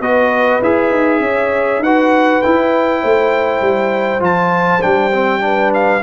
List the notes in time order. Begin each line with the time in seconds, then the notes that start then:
0.00 B3 F#4 B4 D#5
0.62 E4 G#4 E5
0.90 D#4
1.20 C#4 C#5
1.79 D#4 B4 F#5
1.85 F#4
2.41 E4 G5
3.02 A3 C5
3.61 G3
4.20 F3 F4 A5
4.81 G3 D4 G5
5.13 C4
5.40 D4 B4
5.74 F5